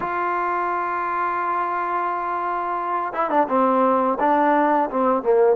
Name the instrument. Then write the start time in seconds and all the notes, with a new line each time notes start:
trombone
0.00 F4
3.13 E4
3.29 D4
3.48 C4
4.19 D4
4.90 C4
5.22 A#3